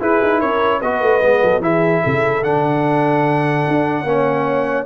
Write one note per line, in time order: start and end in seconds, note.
0.00 0.81 E4
0.00 0.21 E4
0.00 0.39 G#4
0.00 0.40 B4
0.22 0.42 D#4
0.39 0.82 C#4
0.39 0.80 A#4
0.39 0.81 C#5
0.80 1.01 B3
0.80 1.21 F#4
0.80 1.41 B4
0.80 1.62 D#5
1.01 1.21 A3
1.21 1.42 G#3
1.21 1.61 B3
1.42 1.60 F#3
1.42 1.62 A4
1.60 2.01 E3
1.60 2.42 E4
1.60 2.01 G#4
1.60 2.43 E5
2.01 2.43 C#3
2.01 4.04 A4
2.43 3.65 D3
2.43 4.05 D4
2.43 4.86 F#5
3.68 4.04 D4
4.04 4.85 A#3
4.04 4.86 C#4
4.04 4.86 C#5